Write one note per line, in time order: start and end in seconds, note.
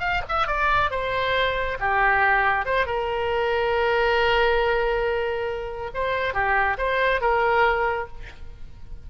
0.00 0.22 F5
0.29 0.47 E5
0.47 0.91 D5
0.91 1.78 C5
1.80 2.66 G4
2.66 2.86 C5
2.86 5.91 A#4
5.95 6.34 C5
6.34 6.77 G4
6.78 7.21 C5
7.21 8.08 A#4